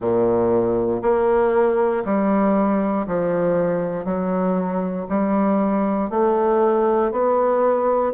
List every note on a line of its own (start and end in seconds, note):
0.00 1.02 A#2
1.02 2.03 A#3
2.04 3.06 G3
3.06 4.04 F3
4.04 5.06 F#3
5.08 6.10 G3
6.10 7.11 A3
7.11 8.13 B3